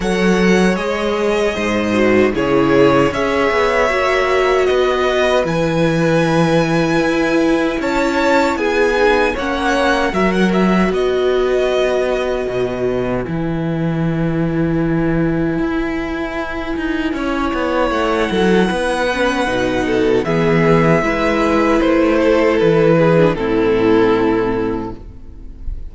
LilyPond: <<
  \new Staff \with { instrumentName = "violin" } { \time 4/4 \tempo 4 = 77 fis''4 dis''2 cis''4 | e''2 dis''4 gis''4~ | gis''2 a''4 gis''4 | fis''4 e''16 fis''16 e''8 dis''2~ |
dis''4 gis''2.~ | gis''2. fis''4~ | fis''2 e''2 | c''4 b'4 a'2 | }
  \new Staff \with { instrumentName = "violin" } { \time 4/4 cis''2 c''4 gis'4 | cis''2 b'2~ | b'2 cis''4 gis'4 | cis''4 ais'4 b'2~ |
b'1~ | b'2 cis''4. a'8 | b'4. a'8 gis'4 b'4~ | b'8 a'4 gis'8 e'2 | }
  \new Staff \with { instrumentName = "viola" } { \time 4/4 a'4 gis'4. fis'8 e'4 | gis'4 fis'2 e'4~ | e'2.~ e'8 dis'8 | cis'4 fis'2.~ |
fis'4 e'2.~ | e'1~ | e'8 cis'8 dis'4 b4 e'4~ | e'4.~ e'16 d'16 c'2 | }
  \new Staff \with { instrumentName = "cello" } { \time 4/4 fis4 gis4 gis,4 cis4 | cis'8 b8 ais4 b4 e4~ | e4 e'4 cis'4 b4 | ais4 fis4 b2 |
b,4 e2. | e'4. dis'8 cis'8 b8 a8 fis8 | b4 b,4 e4 gis4 | a4 e4 a,2 | }
>>